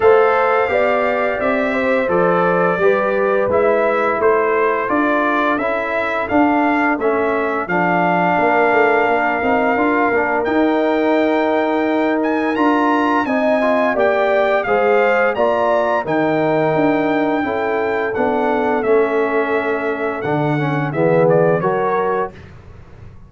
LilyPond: <<
  \new Staff \with { instrumentName = "trumpet" } { \time 4/4 \tempo 4 = 86 f''2 e''4 d''4~ | d''4 e''4 c''4 d''4 | e''4 f''4 e''4 f''4~ | f''2. g''4~ |
g''4. gis''8 ais''4 gis''4 | g''4 f''4 ais''4 g''4~ | g''2 fis''4 e''4~ | e''4 fis''4 e''8 d''8 cis''4 | }
  \new Staff \with { instrumentName = "horn" } { \time 4/4 c''4 d''4. c''4. | b'2 a'2~ | a'1 | ais'1~ |
ais'2. dis''4 | d''4 c''4 d''4 ais'4~ | ais'4 a'2.~ | a'2 gis'4 ais'4 | }
  \new Staff \with { instrumentName = "trombone" } { \time 4/4 a'4 g'2 a'4 | g'4 e'2 f'4 | e'4 d'4 cis'4 d'4~ | d'4. dis'8 f'8 d'8 dis'4~ |
dis'2 f'4 dis'8 f'8 | g'4 gis'4 f'4 dis'4~ | dis'4 e'4 d'4 cis'4~ | cis'4 d'8 cis'8 b4 fis'4 | }
  \new Staff \with { instrumentName = "tuba" } { \time 4/4 a4 b4 c'4 f4 | g4 gis4 a4 d'4 | cis'4 d'4 a4 f4 | ais8 a8 ais8 c'8 d'8 ais8 dis'4~ |
dis'2 d'4 c'4 | ais4 gis4 ais4 dis4 | d'4 cis'4 b4 a4~ | a4 d4 e4 fis4 | }
>>